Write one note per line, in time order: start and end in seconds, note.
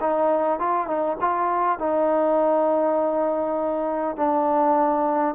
0.00 0.59 D#4
0.59 0.87 F4
0.87 1.17 D#4
1.21 1.78 F4
1.78 4.16 D#4
4.16 5.35 D4